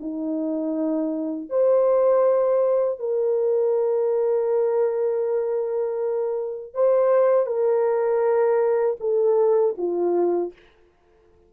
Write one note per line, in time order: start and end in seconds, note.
0.00 1.49 D#4
1.49 2.99 C5
2.99 6.74 A#4
6.74 7.46 C5
7.46 8.96 A#4
9.00 9.75 A4
9.78 10.53 F4